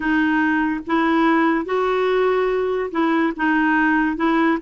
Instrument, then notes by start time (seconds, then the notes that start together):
clarinet
0.00 D#4
0.86 E4
1.65 F#4
2.91 E4
3.36 D#4
4.16 E4